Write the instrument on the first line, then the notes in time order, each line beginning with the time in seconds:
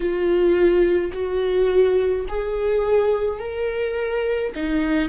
viola
0.00 F4
1.13 F#4
2.28 G#4
3.39 A#4
4.55 D#4